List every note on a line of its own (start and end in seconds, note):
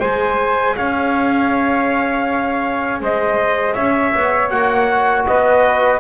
0.00 0.76 G#3
0.00 4.51 G#4
0.00 0.75 C5
0.00 0.76 G#5
0.77 3.01 C#4
0.77 3.03 C#5
0.77 3.02 F5
3.01 3.76 G#3
3.01 3.75 C5
3.01 3.74 D#5
3.74 4.14 C#4
3.74 5.25 C#5
3.74 4.49 E5
4.15 4.52 B3
4.50 5.27 A#3
4.50 6.01 F#4
4.50 5.25 F#5
5.28 6.01 B3
5.28 6.01 B4
5.28 6.01 D#5